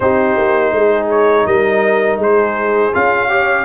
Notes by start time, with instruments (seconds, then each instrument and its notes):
0.00 tuba C4, trombone D#4, horn G4, trumpet C5
0.36 tuba A#3
0.72 tuba G#3, horn G#4
1.10 trumpet C#5
1.46 tuba G3, horn A#4, trumpet D#5
2.18 tuba G#3, horn G#4, trumpet C5
2.93 tuba C#4, trombone F4, trumpet F5
3.29 trombone G4, horn C#5